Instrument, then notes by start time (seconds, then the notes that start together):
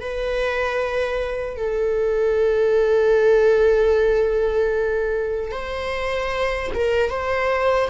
viola
0.00 B4
1.56 A4
5.52 C5
6.74 A#4
7.10 C5